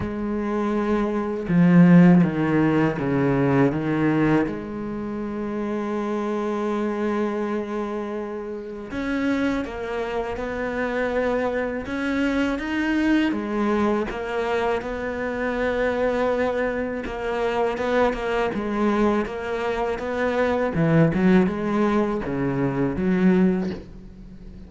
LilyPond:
\new Staff \with { instrumentName = "cello" } { \time 4/4 \tempo 4 = 81 gis2 f4 dis4 | cis4 dis4 gis2~ | gis1 | cis'4 ais4 b2 |
cis'4 dis'4 gis4 ais4 | b2. ais4 | b8 ais8 gis4 ais4 b4 | e8 fis8 gis4 cis4 fis4 | }